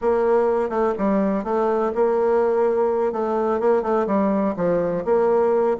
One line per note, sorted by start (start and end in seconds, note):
0.01 0.69 A#3
0.69 0.93 A3
0.98 1.44 G3
1.44 1.92 A3
1.94 3.12 A#3
3.12 3.60 A3
3.60 3.82 A#3
3.82 4.06 A3
4.06 4.54 G3
4.56 5.04 F3
5.04 5.76 A#3